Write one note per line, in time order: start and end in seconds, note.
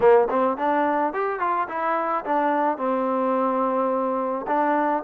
0.00 0.28 A#3
0.30 0.57 C4
0.57 1.13 D4
1.13 1.39 G4
1.39 1.67 F4
1.68 2.24 E4
2.24 2.77 D4
2.77 4.46 C4
4.47 5.03 D4